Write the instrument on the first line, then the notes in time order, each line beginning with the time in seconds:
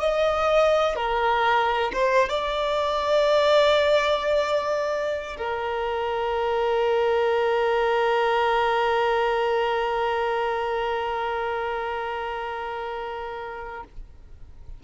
violin
0.00 D#5
0.95 A#4
1.93 C5
2.29 D5
5.37 A#4